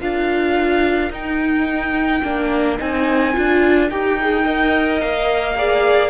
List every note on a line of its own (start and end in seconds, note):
0.00 1.10 D4
0.00 1.11 F4
0.00 4.44 A#4
0.00 1.11 F5
1.10 2.22 D#4
1.10 2.79 G5
2.23 2.79 A#3
2.23 2.78 D4
2.78 3.36 C4
2.78 3.33 D#4
2.78 3.90 G#5
3.33 3.90 D4
3.33 3.88 F4
3.90 5.01 D#4
3.90 4.19 G4
3.90 5.00 G5
4.20 4.44 G#4
4.44 5.55 A#4
4.44 5.55 D#5
5.00 6.10 A#3
5.00 6.10 F5
5.56 6.10 G#4
5.56 6.10 D5